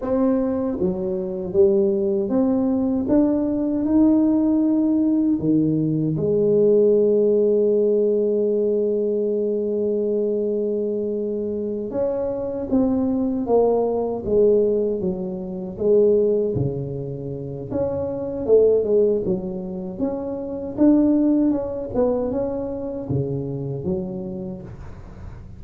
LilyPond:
\new Staff \with { instrumentName = "tuba" } { \time 4/4 \tempo 4 = 78 c'4 fis4 g4 c'4 | d'4 dis'2 dis4 | gis1~ | gis2.~ gis8 cis'8~ |
cis'8 c'4 ais4 gis4 fis8~ | fis8 gis4 cis4. cis'4 | a8 gis8 fis4 cis'4 d'4 | cis'8 b8 cis'4 cis4 fis4 | }